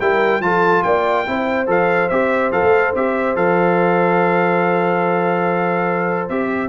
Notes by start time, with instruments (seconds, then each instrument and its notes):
0.00 tuba G3, trombone E4, horn A#4, trumpet G5
0.40 tuba F3, trombone F4, horn A4, trumpet A5
0.83 tuba A#3, horn D5, trumpet G5
1.26 tuba C4, trombone E4, horn C5
1.67 tuba F3, trombone A4, trumpet F5
2.09 tuba C4, trombone G4, trumpet E5
2.52 tuba F3, trombone A4, trumpet F5
2.62 tuba A3
2.95 tuba C4, trombone G4, trumpet E5
3.36 tuba F3, trombone A4, trumpet F5
6.29 tuba C4, trombone G4, trumpet E5